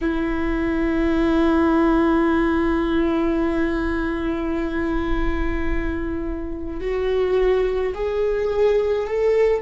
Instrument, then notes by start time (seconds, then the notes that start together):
viola
0.01 E4
6.80 F#4
7.94 G#4
9.07 A4